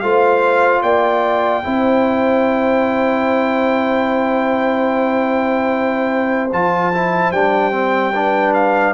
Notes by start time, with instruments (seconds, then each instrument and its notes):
0.00 tuba A3, trombone F4, horn C5, trumpet F5
0.82 tuba A#3, horn D5, trumpet G5
1.63 tuba C4, trombone E4, horn C5
6.52 tuba F3, trombone F4, trumpet A5
6.93 trombone E4
7.31 tuba G3, trombone D4, trumpet G5
7.72 trombone C4
8.14 trombone D4, horn B4
8.54 trumpet F5